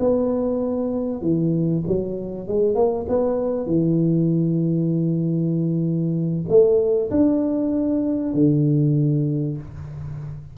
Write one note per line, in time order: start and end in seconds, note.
0.00 1.22 B3
1.22 1.84 E3
1.87 2.48 F#3
2.48 2.75 G#3
2.75 3.06 A#3
3.09 3.67 B3
3.67 6.45 E3
6.49 7.10 A3
7.11 8.34 D4
8.34 9.58 D3